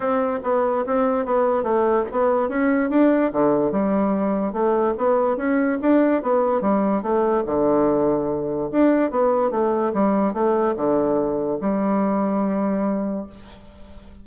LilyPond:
\new Staff \with { instrumentName = "bassoon" } { \time 4/4 \tempo 4 = 145 c'4 b4 c'4 b4 | a4 b4 cis'4 d'4 | d4 g2 a4 | b4 cis'4 d'4 b4 |
g4 a4 d2~ | d4 d'4 b4 a4 | g4 a4 d2 | g1 | }